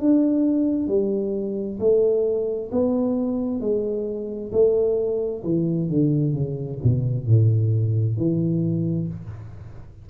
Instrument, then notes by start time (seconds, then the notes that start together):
tuba
0.00 D4
0.88 G3
1.79 A3
2.71 B3
3.60 G#3
4.52 A3
5.44 E3
5.89 D3
6.33 C#3
6.83 B2
7.26 A2
8.17 E3